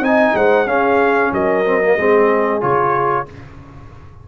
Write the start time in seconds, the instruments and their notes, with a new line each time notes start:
0.00 tuba C4, trombone D#4, horn D#5, trumpet G#5
0.34 tuba G#3, horn C5, trumpet F#5
0.66 tuba C#4, trombone C#4, horn G#4, trumpet F5
1.32 tuba F#3, horn A#4, trumpet D#5
1.65 trombone C4
1.81 trombone A#3
1.95 tuba G#3, trombone C4, horn G#4
2.60 tuba C#3, trombone F4, trumpet C#5